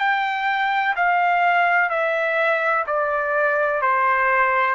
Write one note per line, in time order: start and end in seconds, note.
0.00 0.95 G5
0.97 1.90 F5
1.90 2.85 E5
2.87 3.82 D5
3.82 4.76 C5